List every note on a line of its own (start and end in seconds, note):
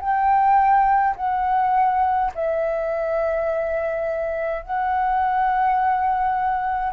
0.00 1.15 G5
1.16 2.32 F#5
2.34 4.63 E5
4.63 6.93 F#5